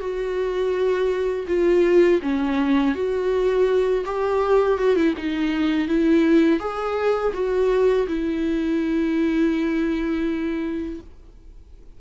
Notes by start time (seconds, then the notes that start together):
0.00 F#4
1.48 F4
2.22 C#4
2.95 F#4
4.06 G4
4.78 F#4
4.96 E4
5.18 D#4
5.88 E4
6.60 G#4
7.34 F#4
8.08 E4